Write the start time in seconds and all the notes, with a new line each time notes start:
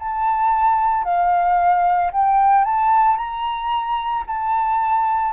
0.00 A5
1.04 F5
2.12 G5
2.65 A5
3.18 A#5
4.27 A5